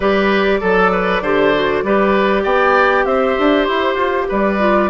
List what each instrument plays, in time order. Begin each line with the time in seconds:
0.00 bassoon G3, clarinet G4, oboe B4, flute D5
0.60 bassoon F#3, oboe A4, clarinet A4
0.92 oboe B4
1.21 bassoon D3, clarinet G4, oboe C5
1.54 clarinet F#4
1.83 bassoon G3, clarinet G4, oboe B4
2.43 bassoon B3, oboe D5, flute G5
3.05 bassoon C4, oboe C5, flute E5
3.38 bassoon D4
3.64 bassoon E4, flute C5
3.94 bassoon F4
4.28 bassoon G3, oboe B4, flute D5
4.59 clarinet F4